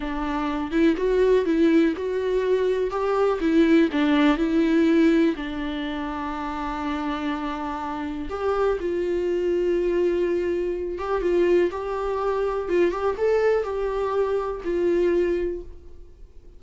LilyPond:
\new Staff \with { instrumentName = "viola" } { \time 4/4 \tempo 4 = 123 d'4. e'8 fis'4 e'4 | fis'2 g'4 e'4 | d'4 e'2 d'4~ | d'1~ |
d'4 g'4 f'2~ | f'2~ f'8 g'8 f'4 | g'2 f'8 g'8 a'4 | g'2 f'2 | }